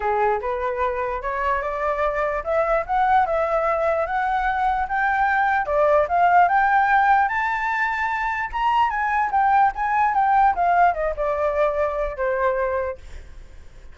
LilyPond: \new Staff \with { instrumentName = "flute" } { \time 4/4 \tempo 4 = 148 gis'4 b'2 cis''4 | d''2 e''4 fis''4 | e''2 fis''2 | g''2 d''4 f''4 |
g''2 a''2~ | a''4 ais''4 gis''4 g''4 | gis''4 g''4 f''4 dis''8 d''8~ | d''2 c''2 | }